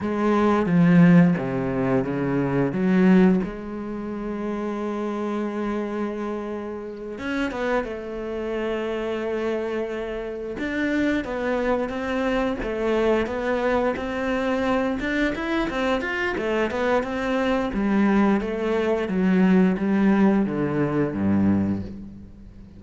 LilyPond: \new Staff \with { instrumentName = "cello" } { \time 4/4 \tempo 4 = 88 gis4 f4 c4 cis4 | fis4 gis2.~ | gis2~ gis8 cis'8 b8 a8~ | a2.~ a8 d'8~ |
d'8 b4 c'4 a4 b8~ | b8 c'4. d'8 e'8 c'8 f'8 | a8 b8 c'4 g4 a4 | fis4 g4 d4 g,4 | }